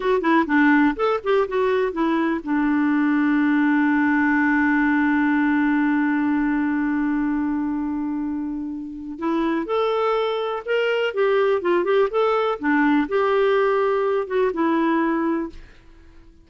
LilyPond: \new Staff \with { instrumentName = "clarinet" } { \time 4/4 \tempo 4 = 124 fis'8 e'8 d'4 a'8 g'8 fis'4 | e'4 d'2.~ | d'1~ | d'1~ |
d'2. e'4 | a'2 ais'4 g'4 | f'8 g'8 a'4 d'4 g'4~ | g'4. fis'8 e'2 | }